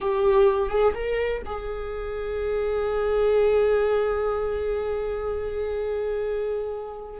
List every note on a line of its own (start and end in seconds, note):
0.00 0.69 G4
0.69 0.93 G#4
0.94 1.42 A#4
1.45 7.20 G#4